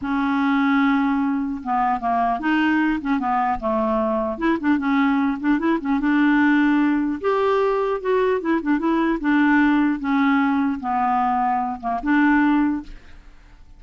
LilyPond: \new Staff \with { instrumentName = "clarinet" } { \time 4/4 \tempo 4 = 150 cis'1 | b4 ais4 dis'4. cis'8 | b4 a2 e'8 d'8 | cis'4. d'8 e'8 cis'8 d'4~ |
d'2 g'2 | fis'4 e'8 d'8 e'4 d'4~ | d'4 cis'2 b4~ | b4. ais8 d'2 | }